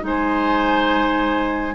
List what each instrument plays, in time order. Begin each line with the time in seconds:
0.00 bassoon G#3, clarinet D#4, flute G#5
0.07 oboe C5